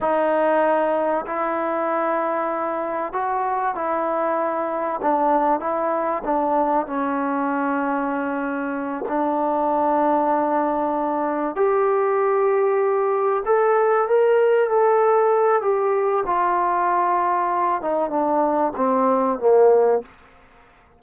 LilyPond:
\new Staff \with { instrumentName = "trombone" } { \time 4/4 \tempo 4 = 96 dis'2 e'2~ | e'4 fis'4 e'2 | d'4 e'4 d'4 cis'4~ | cis'2~ cis'8 d'4.~ |
d'2~ d'8 g'4.~ | g'4. a'4 ais'4 a'8~ | a'4 g'4 f'2~ | f'8 dis'8 d'4 c'4 ais4 | }